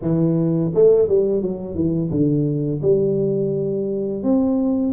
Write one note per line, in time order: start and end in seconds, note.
0.01 0.72 E3
0.74 1.08 A3
1.08 1.41 G3
1.41 1.75 F#3
1.75 2.10 E3
2.10 2.81 D3
2.82 4.23 G3
4.23 4.92 C4